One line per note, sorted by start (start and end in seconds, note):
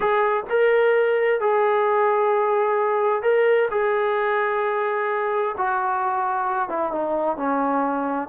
0.00 0.43 G#4
0.49 1.40 A#4
1.40 3.22 G#4
3.22 3.68 A#4
3.70 5.55 G#4
5.57 6.69 F#4
6.69 6.91 E4
6.91 7.37 D#4
7.37 8.28 C#4